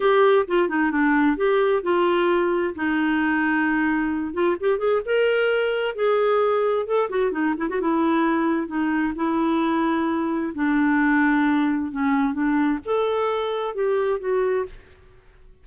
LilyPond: \new Staff \with { instrumentName = "clarinet" } { \time 4/4 \tempo 4 = 131 g'4 f'8 dis'8 d'4 g'4 | f'2 dis'2~ | dis'4. f'8 g'8 gis'8 ais'4~ | ais'4 gis'2 a'8 fis'8 |
dis'8 e'16 fis'16 e'2 dis'4 | e'2. d'4~ | d'2 cis'4 d'4 | a'2 g'4 fis'4 | }